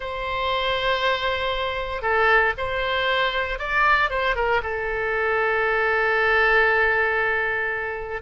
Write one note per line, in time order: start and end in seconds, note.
0.00 2.01 C5
2.01 2.53 A4
2.57 3.58 C5
3.58 4.10 D5
4.10 4.35 C5
4.35 4.61 A#4
4.62 8.21 A4